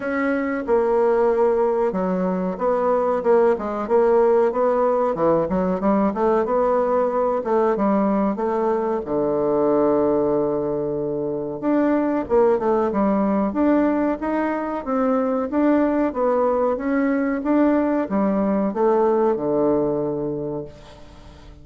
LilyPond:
\new Staff \with { instrumentName = "bassoon" } { \time 4/4 \tempo 4 = 93 cis'4 ais2 fis4 | b4 ais8 gis8 ais4 b4 | e8 fis8 g8 a8 b4. a8 | g4 a4 d2~ |
d2 d'4 ais8 a8 | g4 d'4 dis'4 c'4 | d'4 b4 cis'4 d'4 | g4 a4 d2 | }